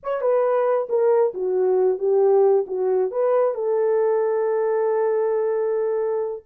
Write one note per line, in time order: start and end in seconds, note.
0.03 0.21 C#5
0.21 0.88 B4
0.89 1.33 A#4
1.34 1.98 F#4
1.98 2.65 G4
2.67 3.11 F#4
3.11 3.54 B4
3.54 6.43 A4